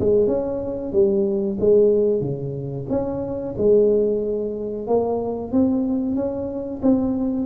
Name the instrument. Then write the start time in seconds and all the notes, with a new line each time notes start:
tuba
0.00 G#3
0.27 C#4
0.93 G3
1.60 G#3
2.21 C#3
2.90 C#4
3.58 G#3
4.87 A#3
5.52 C4
6.16 C#4
6.82 C4